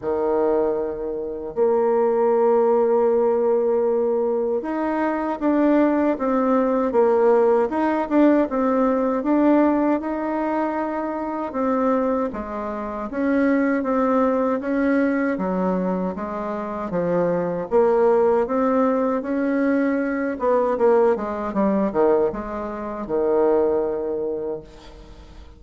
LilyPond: \new Staff \with { instrumentName = "bassoon" } { \time 4/4 \tempo 4 = 78 dis2 ais2~ | ais2 dis'4 d'4 | c'4 ais4 dis'8 d'8 c'4 | d'4 dis'2 c'4 |
gis4 cis'4 c'4 cis'4 | fis4 gis4 f4 ais4 | c'4 cis'4. b8 ais8 gis8 | g8 dis8 gis4 dis2 | }